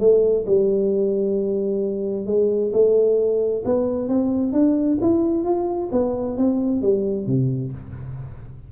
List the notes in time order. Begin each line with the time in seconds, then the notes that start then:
0.00 A3
0.46 G3
2.27 G#3
2.73 A3
3.65 B3
4.09 C4
4.53 D4
5.02 E4
5.44 F4
5.92 B3
6.38 C4
6.82 G3
7.27 C3